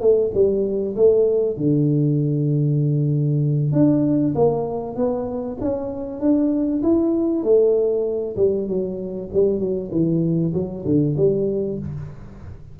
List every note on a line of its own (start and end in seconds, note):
0.00 0.31 A3
0.33 0.95 G3
0.96 1.56 A3
1.56 3.72 D3
3.72 4.34 D4
4.34 4.96 A#3
4.96 5.57 B3
5.61 6.20 C#4
6.20 6.82 D4
6.83 7.43 E4
7.43 8.36 A3
8.36 8.67 G3
8.67 9.29 F#3
9.33 9.59 G3
9.59 9.90 F#3
9.91 10.53 E3
10.54 10.84 F#3
10.85 11.16 D3
11.16 11.78 G3